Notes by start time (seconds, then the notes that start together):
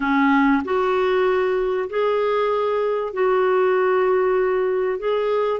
0.00 C#4
0.64 F#4
1.89 G#4
3.13 F#4
4.98 G#4